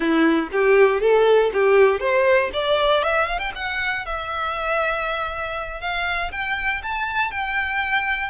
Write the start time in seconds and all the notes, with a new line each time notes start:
0.00 E4
0.52 G4
1.01 A4
1.53 G4
2.00 C5
2.53 D5
3.03 E5
3.26 F5
3.39 G5
3.55 F#5
4.05 E5
5.81 F5
6.31 G5
6.83 A5
7.31 G5